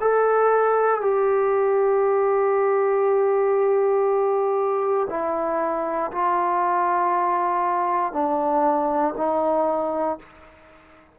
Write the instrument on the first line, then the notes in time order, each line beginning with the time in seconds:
trombone
0.00 A4
1.01 G4
5.09 E4
6.12 F4
8.13 D4
9.17 D#4